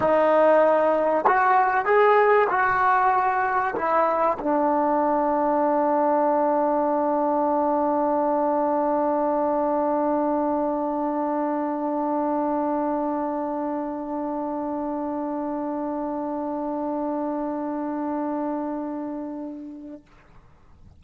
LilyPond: \new Staff \with { instrumentName = "trombone" } { \time 4/4 \tempo 4 = 96 dis'2 fis'4 gis'4 | fis'2 e'4 d'4~ | d'1~ | d'1~ |
d'1~ | d'1~ | d'1~ | d'1 | }